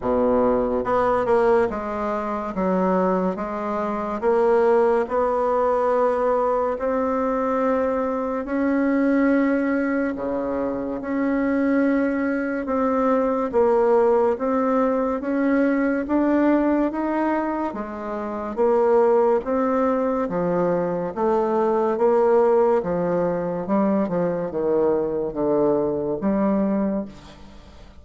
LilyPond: \new Staff \with { instrumentName = "bassoon" } { \time 4/4 \tempo 4 = 71 b,4 b8 ais8 gis4 fis4 | gis4 ais4 b2 | c'2 cis'2 | cis4 cis'2 c'4 |
ais4 c'4 cis'4 d'4 | dis'4 gis4 ais4 c'4 | f4 a4 ais4 f4 | g8 f8 dis4 d4 g4 | }